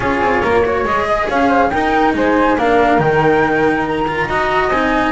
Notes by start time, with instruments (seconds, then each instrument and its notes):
0.00 double bass C#4, cello F4, flute G#4 C#5
0.20 double bass C4
0.43 double bass A#3, flute A#4
0.65 cello F#4, flute C#5
0.83 double bass G#3, cello G#4, flute D#5
1.07 flute D#5
1.28 double bass C#4, flute C#5 F5
1.47 flute C5
1.70 cello D#4, double bass D#4, flute A#4 G5
2.14 double bass G#3, flute C5 G#5
2.57 double bass A#3, cello D4, flute A#4 F5
2.98 double bass D#3, cello D#4, flute G5
3.86 flute A#5
4.07 cello F4
4.27 double bass D#4, cello F#4, flute D#5
4.68 double bass C4, cello D#4, flute G#5